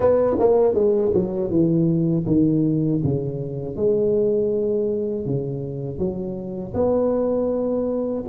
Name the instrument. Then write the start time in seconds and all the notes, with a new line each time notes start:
tuba
0.00 B3
0.39 A#3
0.74 G#3
1.14 F#3
1.50 E3
2.26 D#3
3.04 C#3
3.76 G#3
5.25 C#3
5.98 F#3
6.74 B3